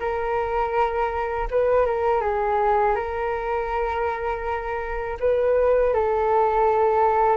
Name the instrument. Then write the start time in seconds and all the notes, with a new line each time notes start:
flute
0.00 A#4
1.51 B4
1.86 A#4
2.21 G#4
2.95 A#4
5.20 B4
5.94 A4